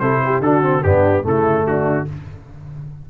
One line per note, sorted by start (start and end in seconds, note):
0.00 0.41 C3
0.00 0.43 E4
0.00 0.22 A4
0.00 0.41 C5
0.26 0.44 G4
0.41 0.82 D3
0.41 0.62 D4
0.41 0.85 F#4
0.41 0.84 A4
0.62 0.83 C4
0.84 1.26 G2
0.84 1.23 B3
0.84 1.25 D4
0.84 1.25 G4
1.23 1.66 C#3
1.23 2.06 A3
1.23 1.66 E4
1.23 1.67 A4
1.66 2.08 D3
1.66 2.10 D4
1.66 2.09 F#4